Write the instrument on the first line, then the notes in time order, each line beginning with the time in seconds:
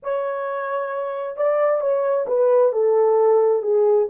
horn
0.02 C#5
1.36 D5
1.80 C#5
2.27 B4
2.72 A4
3.62 G#4